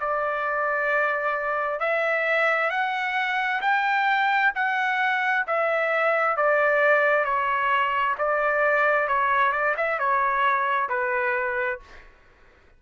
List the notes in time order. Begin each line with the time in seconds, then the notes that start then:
0.00 D5
1.79 E5
2.70 F#5
3.61 G5
4.55 F#5
5.47 E5
6.36 D5
7.24 C#5
8.18 D5
9.07 C#5
9.52 D5
9.77 E5
9.98 C#5
10.88 B4